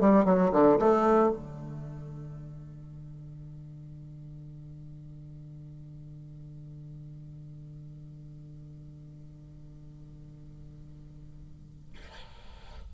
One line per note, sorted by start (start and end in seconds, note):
0.00 0.25 G3
0.25 0.52 F#3
0.52 0.79 D3
0.79 1.31 A3
1.31 11.93 D3